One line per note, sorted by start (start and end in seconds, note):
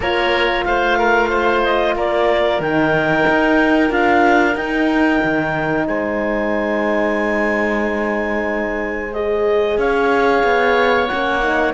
0.00 0.64 A#3
0.00 2.62 F4
0.00 0.64 A#4
0.00 0.64 C#5
0.64 1.95 A3
0.64 0.98 C5
0.64 1.62 F5
0.98 1.29 A#4
1.29 1.94 C5
1.63 1.95 D#5
1.95 2.59 A#3
1.95 5.87 A#4
1.95 2.61 D5
2.59 3.24 D#3
2.59 3.88 D#4
2.59 3.91 G5
3.29 3.89 D#4
3.88 4.55 D4
3.88 4.53 F4
3.88 4.55 F5
4.55 5.20 D#4
4.55 9.12 D#4
4.55 5.86 G5
5.24 5.87 D#3
5.87 9.77 G#3
5.87 9.78 C5
5.87 9.13 G#5
9.13 11.09 G#4
9.13 9.78 D#5
9.77 10.42 C#4
9.77 11.73 C#5
9.77 11.07 F5
10.43 11.09 B3
11.07 11.73 A#3
11.07 11.41 C#4
11.07 11.72 F#5
11.41 11.73 D#4